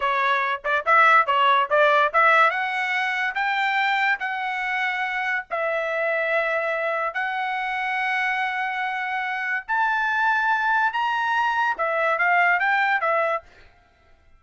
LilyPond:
\new Staff \with { instrumentName = "trumpet" } { \time 4/4 \tempo 4 = 143 cis''4. d''8 e''4 cis''4 | d''4 e''4 fis''2 | g''2 fis''2~ | fis''4 e''2.~ |
e''4 fis''2.~ | fis''2. a''4~ | a''2 ais''2 | e''4 f''4 g''4 e''4 | }